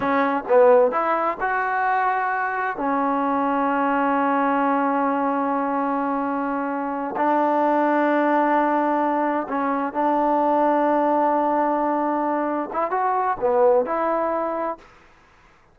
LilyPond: \new Staff \with { instrumentName = "trombone" } { \time 4/4 \tempo 4 = 130 cis'4 b4 e'4 fis'4~ | fis'2 cis'2~ | cis'1~ | cis'2.~ cis'8 d'8~ |
d'1~ | d'8 cis'4 d'2~ d'8~ | d'2.~ d'8 e'8 | fis'4 b4 e'2 | }